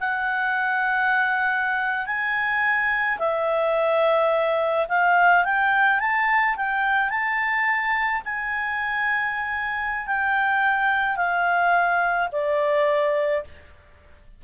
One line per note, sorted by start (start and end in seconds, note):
0.00 2.06 F#5
2.06 3.19 G#5
3.19 4.87 E5
4.89 5.44 F5
5.44 6.00 G5
6.00 6.56 A5
6.57 7.10 G5
7.10 8.22 A5
8.25 10.07 G#5
10.07 11.17 G5
11.17 12.29 F5
12.32 13.44 D5